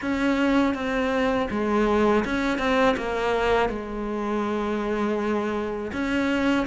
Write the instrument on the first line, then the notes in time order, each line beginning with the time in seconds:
cello
0.01 C#4
0.74 C4
1.50 G#3
2.24 C#4
2.58 C4
2.96 A#3
3.69 G#3
5.92 C#4